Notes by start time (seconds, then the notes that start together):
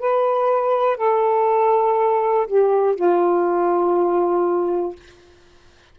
0.00 B4
0.97 A4
2.48 G4
2.96 F4